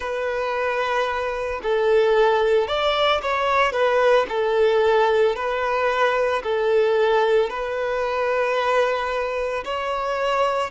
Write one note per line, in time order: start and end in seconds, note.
0.00 1.60 B4
1.62 2.67 A4
2.67 3.21 D5
3.21 3.72 C#5
3.72 4.26 B4
4.29 5.35 A4
5.35 6.42 B4
6.43 7.50 A4
7.50 9.64 B4
9.64 10.70 C#5